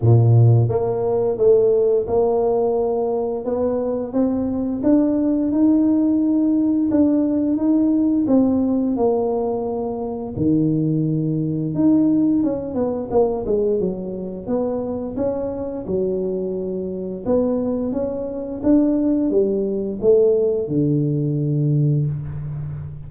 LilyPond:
\new Staff \with { instrumentName = "tuba" } { \time 4/4 \tempo 4 = 87 ais,4 ais4 a4 ais4~ | ais4 b4 c'4 d'4 | dis'2 d'4 dis'4 | c'4 ais2 dis4~ |
dis4 dis'4 cis'8 b8 ais8 gis8 | fis4 b4 cis'4 fis4~ | fis4 b4 cis'4 d'4 | g4 a4 d2 | }